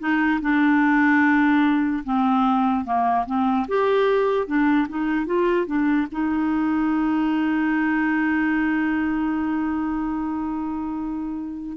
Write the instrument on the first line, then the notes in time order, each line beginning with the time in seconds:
clarinet
0.00 D#4
0.42 D4
2.04 C4
2.85 A#3
3.26 C4
3.69 G4
4.47 D4
4.89 D#4
5.27 F4
5.67 D4
6.12 D#4